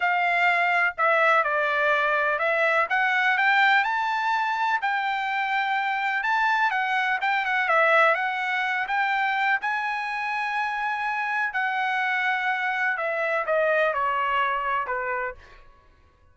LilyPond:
\new Staff \with { instrumentName = "trumpet" } { \time 4/4 \tempo 4 = 125 f''2 e''4 d''4~ | d''4 e''4 fis''4 g''4 | a''2 g''2~ | g''4 a''4 fis''4 g''8 fis''8 |
e''4 fis''4. g''4. | gis''1 | fis''2. e''4 | dis''4 cis''2 b'4 | }